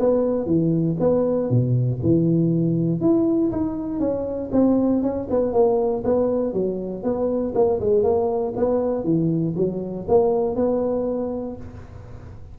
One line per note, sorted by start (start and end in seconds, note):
0.00 0.46 B3
0.46 0.97 E3
1.00 1.51 B3
1.51 2.01 B2
2.03 3.01 E3
3.01 3.52 E4
3.52 4.00 D#4
4.00 4.51 C#4
4.52 5.03 C4
5.03 5.28 C#4
5.30 5.53 B3
5.53 6.04 A#3
6.05 6.54 B3
6.54 7.04 F#3
7.04 7.54 B3
7.55 7.81 A#3
7.81 8.04 G#3
8.04 8.54 A#3
8.57 9.05 B3
9.05 9.55 E3
9.57 10.07 F#3
10.08 10.56 A#3
10.56 11.57 B3